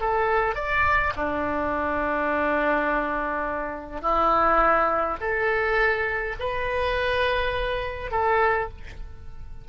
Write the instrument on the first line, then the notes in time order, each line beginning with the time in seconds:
oboe
0.00 A4
0.55 D5
1.15 D4
4.01 E4
5.20 A4
6.39 B4
8.11 A4